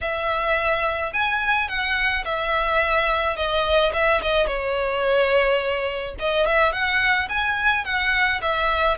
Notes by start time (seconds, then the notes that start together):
0.01 E5
1.13 G#5
1.68 F#5
2.24 E5
3.36 D#5
3.93 E5
4.22 D#5
4.47 C#5
6.19 D#5
6.46 E5
6.72 F#5
7.28 G#5
7.84 F#5
8.41 E5